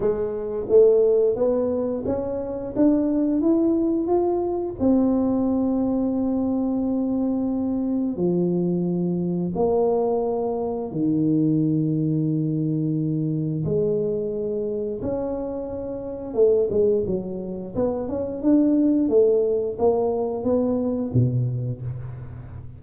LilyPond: \new Staff \with { instrumentName = "tuba" } { \time 4/4 \tempo 4 = 88 gis4 a4 b4 cis'4 | d'4 e'4 f'4 c'4~ | c'1 | f2 ais2 |
dis1 | gis2 cis'2 | a8 gis8 fis4 b8 cis'8 d'4 | a4 ais4 b4 b,4 | }